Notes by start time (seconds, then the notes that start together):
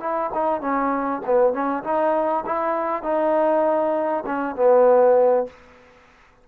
0.00 E4
0.34 D#4
0.61 C#4
1.26 B3
1.53 C#4
1.84 D#4
2.46 E4
3.03 D#4
4.26 C#4
4.56 B3